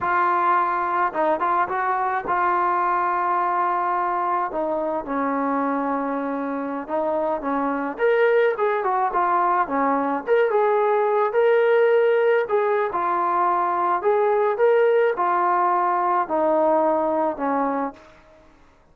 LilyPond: \new Staff \with { instrumentName = "trombone" } { \time 4/4 \tempo 4 = 107 f'2 dis'8 f'8 fis'4 | f'1 | dis'4 cis'2.~ | cis'16 dis'4 cis'4 ais'4 gis'8 fis'16~ |
fis'16 f'4 cis'4 ais'8 gis'4~ gis'16~ | gis'16 ais'2 gis'8. f'4~ | f'4 gis'4 ais'4 f'4~ | f'4 dis'2 cis'4 | }